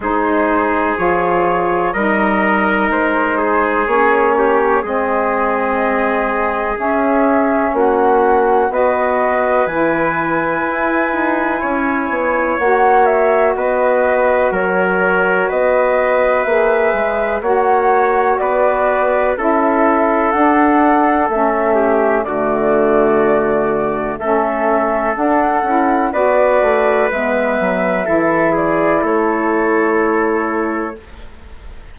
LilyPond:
<<
  \new Staff \with { instrumentName = "flute" } { \time 4/4 \tempo 4 = 62 c''4 cis''4 dis''4 c''4 | cis''4 dis''2 e''4 | fis''4 dis''4 gis''2~ | gis''4 fis''8 e''8 dis''4 cis''4 |
dis''4 e''4 fis''4 d''4 | e''4 fis''4 e''4 d''4~ | d''4 e''4 fis''4 d''4 | e''4. d''8 cis''2 | }
  \new Staff \with { instrumentName = "trumpet" } { \time 4/4 gis'2 ais'4. gis'8~ | gis'8 g'8 gis'2. | fis'4 b'2. | cis''2 b'4 ais'4 |
b'2 cis''4 b'4 | a'2~ a'8 g'8 fis'4~ | fis'4 a'2 b'4~ | b'4 a'8 gis'8 a'2 | }
  \new Staff \with { instrumentName = "saxophone" } { \time 4/4 dis'4 f'4 dis'2 | cis'4 c'2 cis'4~ | cis'4 fis'4 e'2~ | e'4 fis'2.~ |
fis'4 gis'4 fis'2 | e'4 d'4 cis'4 a4~ | a4 cis'4 d'8 e'8 fis'4 | b4 e'2. | }
  \new Staff \with { instrumentName = "bassoon" } { \time 4/4 gis4 f4 g4 gis4 | ais4 gis2 cis'4 | ais4 b4 e4 e'8 dis'8 | cis'8 b8 ais4 b4 fis4 |
b4 ais8 gis8 ais4 b4 | cis'4 d'4 a4 d4~ | d4 a4 d'8 cis'8 b8 a8 | gis8 fis8 e4 a2 | }
>>